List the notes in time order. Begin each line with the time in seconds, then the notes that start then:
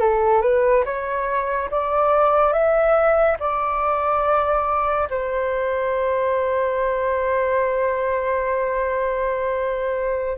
0.00 A4
0.42 B4
0.85 C#5
1.71 D5
2.53 E5
3.40 D5
5.10 C5